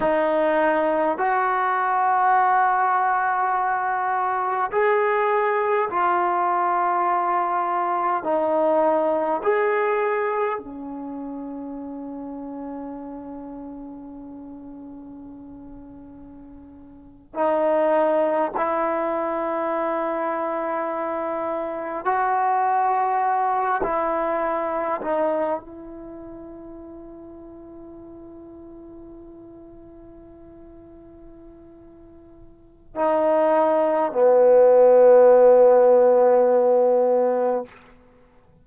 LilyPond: \new Staff \with { instrumentName = "trombone" } { \time 4/4 \tempo 4 = 51 dis'4 fis'2. | gis'4 f'2 dis'4 | gis'4 cis'2.~ | cis'2~ cis'8. dis'4 e'16~ |
e'2~ e'8. fis'4~ fis'16~ | fis'16 e'4 dis'8 e'2~ e'16~ | e'1 | dis'4 b2. | }